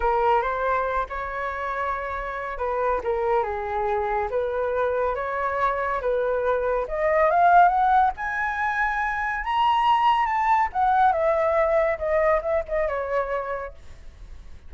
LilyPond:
\new Staff \with { instrumentName = "flute" } { \time 4/4 \tempo 4 = 140 ais'4 c''4. cis''4.~ | cis''2 b'4 ais'4 | gis'2 b'2 | cis''2 b'2 |
dis''4 f''4 fis''4 gis''4~ | gis''2 ais''2 | a''4 fis''4 e''2 | dis''4 e''8 dis''8 cis''2 | }